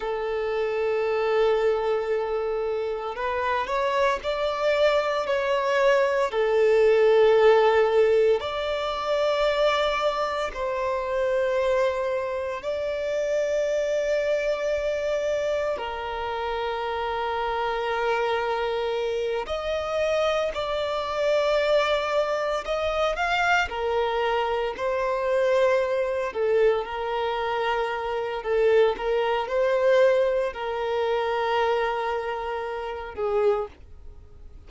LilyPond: \new Staff \with { instrumentName = "violin" } { \time 4/4 \tempo 4 = 57 a'2. b'8 cis''8 | d''4 cis''4 a'2 | d''2 c''2 | d''2. ais'4~ |
ais'2~ ais'8 dis''4 d''8~ | d''4. dis''8 f''8 ais'4 c''8~ | c''4 a'8 ais'4. a'8 ais'8 | c''4 ais'2~ ais'8 gis'8 | }